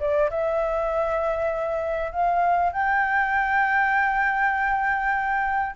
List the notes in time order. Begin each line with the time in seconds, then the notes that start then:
0.00 D5
0.31 E5
2.12 F5
2.73 G5